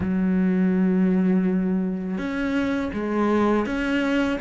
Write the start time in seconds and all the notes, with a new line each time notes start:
0.00 F#3
2.18 C#4
2.93 G#3
3.66 C#4